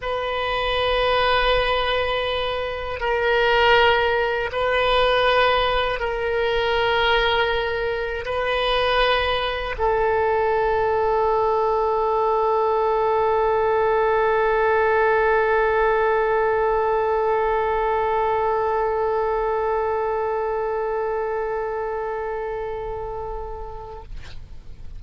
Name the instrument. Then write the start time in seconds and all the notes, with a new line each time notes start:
oboe
0.01 B4
3.00 A#4
4.52 B4
5.99 A#4
8.25 B4
9.77 A4